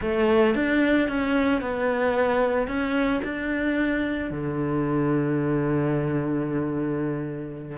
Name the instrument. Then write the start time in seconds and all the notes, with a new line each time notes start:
cello
0.01 A3
0.54 D4
1.08 C#4
1.61 B3
2.67 C#4
3.23 D4
4.30 D3